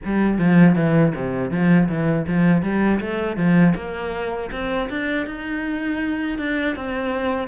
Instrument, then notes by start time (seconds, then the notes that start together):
cello
0.04 G3
0.38 F3
0.75 E3
1.15 C3
1.50 F3
1.88 E3
2.27 F3
2.62 G3
3.00 A3
3.36 F3
3.75 A#3
4.51 C4
4.89 D4
5.26 D#4
6.38 D4
6.76 C4